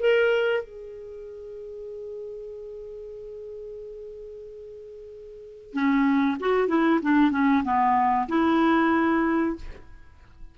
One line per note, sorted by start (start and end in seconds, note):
0.00 0.64 A#4
0.64 5.73 G#4
5.73 6.37 C#4
6.40 6.68 F#4
6.68 7.00 E4
7.03 7.31 D4
7.31 7.63 C#4
7.64 8.28 B3
8.29 9.56 E4